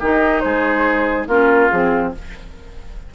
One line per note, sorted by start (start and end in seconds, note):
0.00 0.43 D#3
0.00 1.29 D#4
0.00 0.43 G4
0.00 0.40 D#5
0.40 1.28 G#3
0.40 1.28 G#4
0.40 1.26 C5
1.28 1.70 A#3
1.28 1.71 C#4
1.28 2.13 F4
1.28 1.70 A#4
1.70 2.15 F3
1.70 2.15 C4
1.70 2.13 G#4